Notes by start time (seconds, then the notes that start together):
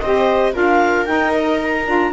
0.00 C4 G4 C5 D#5
0.53 D4 F4 A#4 F5
1.06 D#4 G5
1.33 D#5
1.64 A#5
1.86 D4 F4